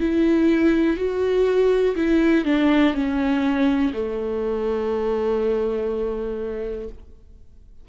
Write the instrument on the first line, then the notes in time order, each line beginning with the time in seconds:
viola
0.00 E4
0.97 F#4
1.96 E4
2.45 D4
2.94 C#4
3.93 A3